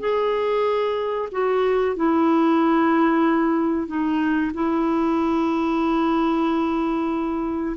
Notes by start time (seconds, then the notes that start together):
0.00 G#4
1.32 F#4
1.96 E4
3.87 D#4
4.54 E4